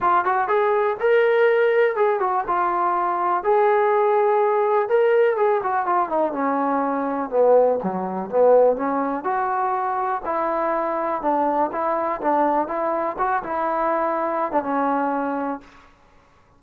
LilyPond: \new Staff \with { instrumentName = "trombone" } { \time 4/4 \tempo 4 = 123 f'8 fis'8 gis'4 ais'2 | gis'8 fis'8 f'2 gis'4~ | gis'2 ais'4 gis'8 fis'8 | f'8 dis'8 cis'2 b4 |
fis4 b4 cis'4 fis'4~ | fis'4 e'2 d'4 | e'4 d'4 e'4 fis'8 e'8~ | e'4.~ e'16 d'16 cis'2 | }